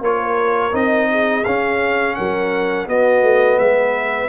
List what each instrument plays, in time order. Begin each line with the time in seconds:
0.00 tuba A#3, trombone F4, horn A#4, trumpet C#5
0.71 tuba C4, trombone D#4, trumpet D#5
1.11 horn G#4
1.44 tuba C#4, trombone C#4, trumpet F5
2.15 tuba F#3, horn A#4, trumpet F#5
2.86 tuba B3, trombone B3, horn F#4, trumpet D#5
3.22 tuba A3
3.58 tuba G#3, horn B4, trumpet E5